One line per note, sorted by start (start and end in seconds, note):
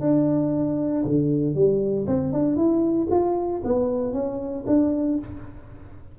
0.00 1.03 D4
1.05 1.54 D3
1.54 2.06 G3
2.07 2.32 C4
2.32 2.56 D4
2.56 3.08 E4
3.10 3.62 F4
3.64 4.13 B3
4.13 4.64 C#4
4.66 5.18 D4